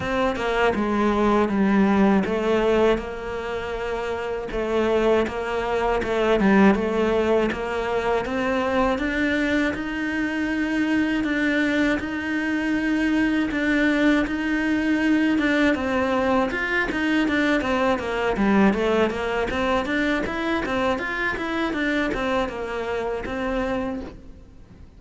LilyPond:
\new Staff \with { instrumentName = "cello" } { \time 4/4 \tempo 4 = 80 c'8 ais8 gis4 g4 a4 | ais2 a4 ais4 | a8 g8 a4 ais4 c'4 | d'4 dis'2 d'4 |
dis'2 d'4 dis'4~ | dis'8 d'8 c'4 f'8 dis'8 d'8 c'8 | ais8 g8 a8 ais8 c'8 d'8 e'8 c'8 | f'8 e'8 d'8 c'8 ais4 c'4 | }